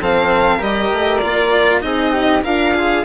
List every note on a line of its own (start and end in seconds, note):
0.00 0.60 F3
0.00 0.59 C4
0.00 0.58 A4
0.00 0.62 F5
0.58 0.90 G3
0.58 1.19 G4
0.58 1.79 A#4
0.58 1.18 D#5
0.92 1.22 A3
1.18 1.83 A#3
1.18 1.81 F4
1.18 1.78 D5
1.81 2.43 C4
1.81 2.41 D#4
1.81 2.12 G#4
1.81 2.42 D#5
2.12 2.42 G4
2.42 3.04 D4
2.42 3.04 F4
2.42 2.72 A#4
2.42 3.04 F5
2.74 3.04 G#4